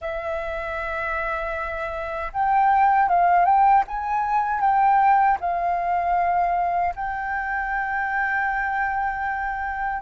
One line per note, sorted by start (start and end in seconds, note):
0.01 2.31 E5
2.32 3.08 G5
3.08 3.45 F5
3.45 3.83 G5
3.87 4.60 G#5
4.60 5.37 G5
5.40 6.94 F5
6.95 10.02 G5